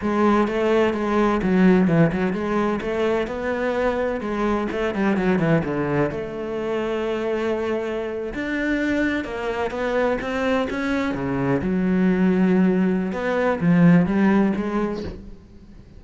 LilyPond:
\new Staff \with { instrumentName = "cello" } { \time 4/4 \tempo 4 = 128 gis4 a4 gis4 fis4 | e8 fis8 gis4 a4 b4~ | b4 gis4 a8 g8 fis8 e8 | d4 a2.~ |
a4.~ a16 d'2 ais16~ | ais8. b4 c'4 cis'4 cis16~ | cis8. fis2.~ fis16 | b4 f4 g4 gis4 | }